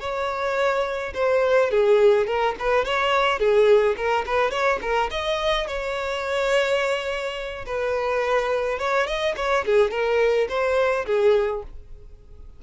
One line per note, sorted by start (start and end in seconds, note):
0.00 1.13 C#5
1.14 1.71 C5
1.71 2.27 G#4
2.27 2.55 A#4
2.60 2.85 B4
2.85 3.39 C#5
3.39 3.96 G#4
3.97 4.25 A#4
4.26 4.51 B4
4.51 4.79 C#5
4.82 5.10 A#4
5.11 5.67 D#5
5.67 7.65 C#5
7.66 8.79 B4
8.79 9.07 C#5
9.07 9.35 D#5
9.37 9.65 C#5
9.66 9.91 G#4
9.91 10.48 A#4
10.49 11.06 C5
11.06 11.63 G#4